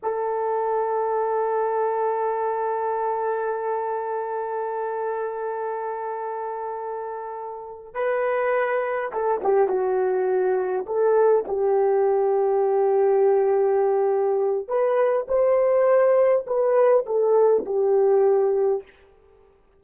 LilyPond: \new Staff \with { instrumentName = "horn" } { \time 4/4 \tempo 4 = 102 a'1~ | a'1~ | a'1~ | a'4. b'2 a'8 |
g'8 fis'2 a'4 g'8~ | g'1~ | g'4 b'4 c''2 | b'4 a'4 g'2 | }